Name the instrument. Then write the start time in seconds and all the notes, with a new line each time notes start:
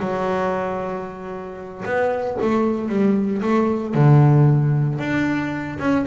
double bass
0.00 F#3
1.85 B3
2.42 A3
2.89 G3
3.42 A3
3.94 D3
4.99 D4
5.79 C#4